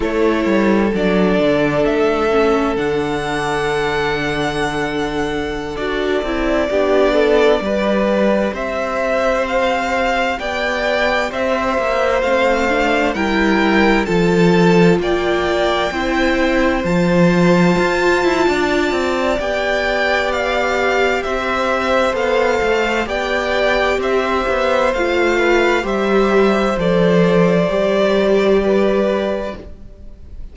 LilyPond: <<
  \new Staff \with { instrumentName = "violin" } { \time 4/4 \tempo 4 = 65 cis''4 d''4 e''4 fis''4~ | fis''2~ fis''16 d''4.~ d''16~ | d''4~ d''16 e''4 f''4 g''8.~ | g''16 e''4 f''4 g''4 a''8.~ |
a''16 g''2 a''4.~ a''16~ | a''4 g''4 f''4 e''4 | f''4 g''4 e''4 f''4 | e''4 d''2. | }
  \new Staff \with { instrumentName = "violin" } { \time 4/4 a'1~ | a'2.~ a'16 g'8 a'16~ | a'16 b'4 c''2 d''8.~ | d''16 c''2 ais'4 a'8.~ |
a'16 d''4 c''2~ c''8. | d''2. c''4~ | c''4 d''4 c''4. b'8 | c''2. b'4 | }
  \new Staff \with { instrumentName = "viola" } { \time 4/4 e'4 d'4. cis'8 d'4~ | d'2~ d'16 fis'8 e'8 d'8.~ | d'16 g'2.~ g'8.~ | g'4~ g'16 c'8 d'8 e'4 f'8.~ |
f'4~ f'16 e'4 f'4.~ f'16~ | f'4 g'2. | a'4 g'2 f'4 | g'4 a'4 g'2 | }
  \new Staff \with { instrumentName = "cello" } { \time 4/4 a8 g8 fis8 d8 a4 d4~ | d2~ d16 d'8 c'8 b8.~ | b16 g4 c'2 b8.~ | b16 c'8 ais8 a4 g4 f8.~ |
f16 ais4 c'4 f4 f'8 e'16 | d'8 c'8 b2 c'4 | b8 a8 b4 c'8 b8 a4 | g4 f4 g2 | }
>>